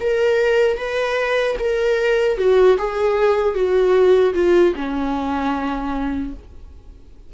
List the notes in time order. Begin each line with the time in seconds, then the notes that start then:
0.00 A#4
0.77 B4
1.59 A#4
2.38 F#4
2.77 G#4
3.55 F#4
4.34 F4
4.75 C#4